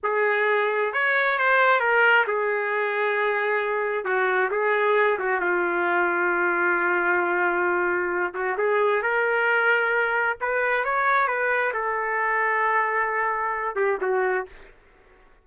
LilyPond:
\new Staff \with { instrumentName = "trumpet" } { \time 4/4 \tempo 4 = 133 gis'2 cis''4 c''4 | ais'4 gis'2.~ | gis'4 fis'4 gis'4. fis'8 | f'1~ |
f'2~ f'8 fis'8 gis'4 | ais'2. b'4 | cis''4 b'4 a'2~ | a'2~ a'8 g'8 fis'4 | }